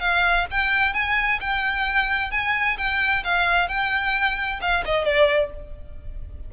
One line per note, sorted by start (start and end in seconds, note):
0.00 0.46 F5
0.51 0.93 G5
0.93 1.39 G#5
1.40 2.31 G5
2.31 2.77 G#5
2.78 3.23 G5
3.24 3.68 F5
3.68 4.60 G5
4.61 4.84 F5
4.85 5.04 D#5
5.04 5.50 D5